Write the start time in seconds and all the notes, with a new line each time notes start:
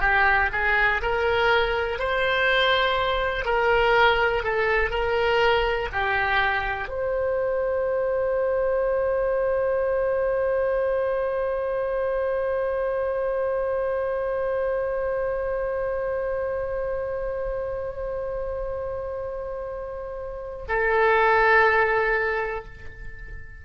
0.00 G4
0.52 G#4
1.01 A#4
1.99 C5
3.45 A#4
4.43 A4
4.90 A#4
5.92 G4
6.88 C5
20.68 A4